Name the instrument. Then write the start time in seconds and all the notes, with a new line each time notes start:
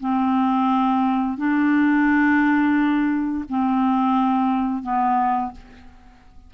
clarinet
0.00 C4
1.38 D4
3.50 C4
4.83 B3